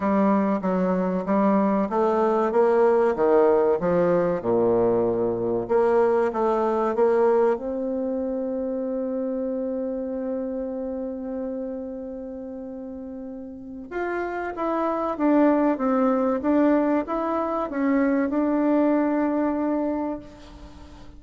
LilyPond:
\new Staff \with { instrumentName = "bassoon" } { \time 4/4 \tempo 4 = 95 g4 fis4 g4 a4 | ais4 dis4 f4 ais,4~ | ais,4 ais4 a4 ais4 | c'1~ |
c'1~ | c'2 f'4 e'4 | d'4 c'4 d'4 e'4 | cis'4 d'2. | }